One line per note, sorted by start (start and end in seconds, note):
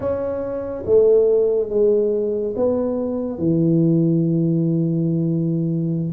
0.00 0.84 C#4
0.86 1.69 A3
1.69 2.54 G#3
2.56 3.38 B3
3.38 6.12 E3